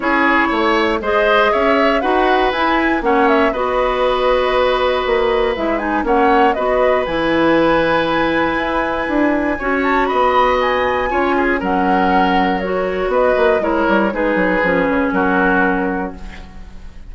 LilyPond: <<
  \new Staff \with { instrumentName = "flute" } { \time 4/4 \tempo 4 = 119 cis''2 dis''4 e''4 | fis''4 gis''4 fis''8 e''8 dis''4~ | dis''2. e''8 gis''8 | fis''4 dis''4 gis''2~ |
gis''2.~ gis''8 a''8 | b''4 gis''2 fis''4~ | fis''4 cis''4 dis''4 cis''4 | b'2 ais'2 | }
  \new Staff \with { instrumentName = "oboe" } { \time 4/4 gis'4 cis''4 c''4 cis''4 | b'2 cis''4 b'4~ | b'1 | cis''4 b'2.~ |
b'2. cis''4 | dis''2 cis''8 gis'8 ais'4~ | ais'2 b'4 ais'4 | gis'2 fis'2 | }
  \new Staff \with { instrumentName = "clarinet" } { \time 4/4 e'2 gis'2 | fis'4 e'4 cis'4 fis'4~ | fis'2. e'8 dis'8 | cis'4 fis'4 e'2~ |
e'2. fis'4~ | fis'2 f'4 cis'4~ | cis'4 fis'2 e'4 | dis'4 cis'2. | }
  \new Staff \with { instrumentName = "bassoon" } { \time 4/4 cis'4 a4 gis4 cis'4 | dis'4 e'4 ais4 b4~ | b2 ais4 gis4 | ais4 b4 e2~ |
e4 e'4 d'4 cis'4 | b2 cis'4 fis4~ | fis2 b8 ais8 gis8 g8 | gis8 fis8 f8 cis8 fis2 | }
>>